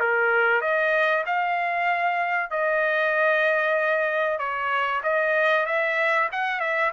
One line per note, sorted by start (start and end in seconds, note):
0.00 0.61 A#4
0.61 1.25 D#5
1.26 2.50 F5
2.50 4.39 D#5
4.39 5.02 C#5
5.04 5.66 D#5
5.66 6.29 E5
6.32 6.60 F#5
6.60 6.92 E5